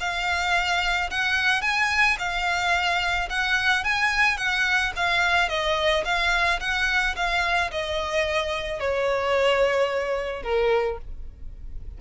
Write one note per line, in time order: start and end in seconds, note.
0.00 1.10 F5
1.10 1.62 F#5
1.62 2.17 G#5
2.19 3.29 F5
3.30 3.84 F#5
3.84 4.37 G#5
4.37 4.92 F#5
4.96 5.49 F5
5.49 6.04 D#5
6.05 6.60 F5
6.60 7.15 F#5
7.16 7.71 F5
7.71 8.80 D#5
8.80 10.43 C#5
10.43 10.98 A#4